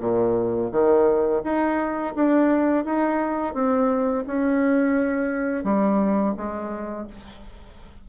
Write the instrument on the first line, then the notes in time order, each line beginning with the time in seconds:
bassoon
0.00 A#2
0.72 D#3
1.44 D#4
2.15 D4
2.85 D#4
3.54 C4
4.27 C#4
5.64 G3
6.37 G#3